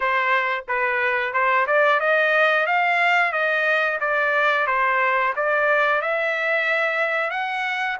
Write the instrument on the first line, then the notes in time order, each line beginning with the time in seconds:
trumpet
0.00 C5
0.68 B4
1.33 C5
1.66 D5
1.99 D#5
2.66 F5
3.32 D#5
4.00 D5
4.66 C5
5.35 D5
6.01 E5
7.30 F#5